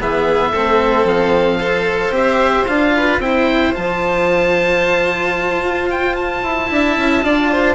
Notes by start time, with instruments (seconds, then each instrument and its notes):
0.00 bassoon E3, cello B3, violin G#4, oboe E5
0.51 bassoon A3, cello C4, violin A4
1.04 bassoon F3, oboe F5
1.59 cello A4, violin C5
2.10 bassoon C4, cello G4, oboe E5
2.66 bassoon D4, cello F4, oboe F5
2.95 violin B4
3.19 bassoon C4, cello E4, oboe G5
3.25 violin C5
3.73 bassoon F3, cello F4, oboe A5
5.64 bassoon F4
5.90 oboe G5
6.15 oboe A5
6.43 bassoon E4
6.67 bassoon D4, cello E4, violin E5
6.97 bassoon C#4
7.22 bassoon D4, cello F4, violin D5
7.51 violin C5